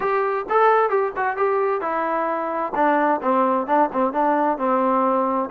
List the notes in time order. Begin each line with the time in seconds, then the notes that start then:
0.00 G4
0.49 A4
0.89 G4
1.16 F#4
1.36 G4
1.81 E4
2.75 D4
3.21 C4
3.66 D4
3.92 C4
4.12 D4
4.57 C4